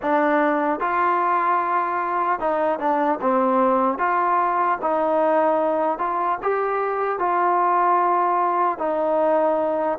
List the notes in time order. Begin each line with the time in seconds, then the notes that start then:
0.01 D4
0.80 F4
2.39 D#4
2.79 D4
3.21 C4
3.98 F4
4.81 D#4
5.98 F4
6.42 G4
7.19 F4
8.78 D#4